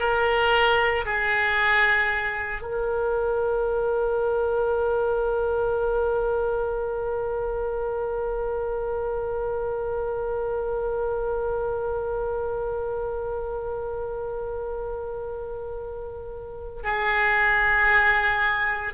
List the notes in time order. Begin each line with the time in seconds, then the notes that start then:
0.00 A#4
1.05 G#4
2.62 A#4
16.83 G#4